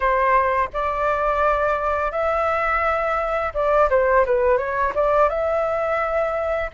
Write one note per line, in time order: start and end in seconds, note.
0.00 0.69 C5
0.73 2.11 D5
2.11 3.53 E5
3.54 3.89 D5
3.90 4.25 C5
4.25 4.57 B4
4.57 4.93 C#5
4.94 5.29 D5
5.29 6.70 E5